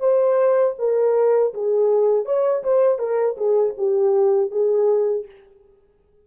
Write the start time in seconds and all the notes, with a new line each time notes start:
0.00 C5
0.79 A#4
1.54 G#4
2.26 C#5
2.64 C5
2.99 A#4
3.37 G#4
3.78 G4
4.51 G#4